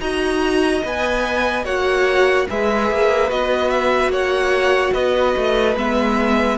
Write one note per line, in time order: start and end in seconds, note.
0.00 0.82 D#4
0.00 0.83 F#4
0.00 1.65 D#5
0.00 0.83 A#5
0.84 1.64 B3
0.84 1.65 B4
0.84 1.65 G#5
1.64 2.47 A#3
1.64 2.47 F#4
1.64 2.47 C#5
1.64 2.47 F#5
2.48 2.91 G#3
2.48 3.29 G#4
2.48 4.11 B4
2.48 3.30 E5
2.91 3.31 A#3
3.29 4.08 B3
3.29 5.76 F#4
3.29 3.70 D#5
3.70 4.11 E5
4.08 4.90 A#3
4.08 4.94 C#5
4.08 4.93 F#5
4.93 5.35 B3
4.93 6.58 B4
4.93 5.76 D#5
5.36 5.76 A3
5.76 6.58 G#3
5.76 6.58 B3
5.76 6.58 E5